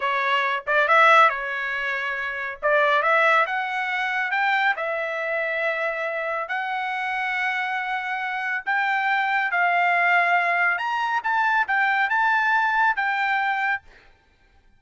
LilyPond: \new Staff \with { instrumentName = "trumpet" } { \time 4/4 \tempo 4 = 139 cis''4. d''8 e''4 cis''4~ | cis''2 d''4 e''4 | fis''2 g''4 e''4~ | e''2. fis''4~ |
fis''1 | g''2 f''2~ | f''4 ais''4 a''4 g''4 | a''2 g''2 | }